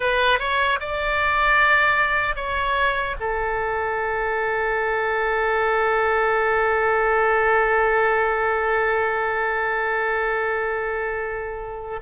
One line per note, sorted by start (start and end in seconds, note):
0.00 0.39 B4
0.39 0.79 C#5
0.80 2.35 D5
2.35 3.15 C#5
3.20 12.00 A4